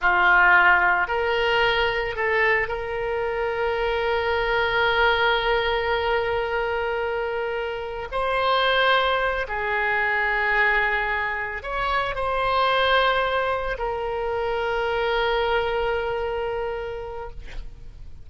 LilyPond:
\new Staff \with { instrumentName = "oboe" } { \time 4/4 \tempo 4 = 111 f'2 ais'2 | a'4 ais'2.~ | ais'1~ | ais'2. c''4~ |
c''4. gis'2~ gis'8~ | gis'4. cis''4 c''4.~ | c''4. ais'2~ ais'8~ | ais'1 | }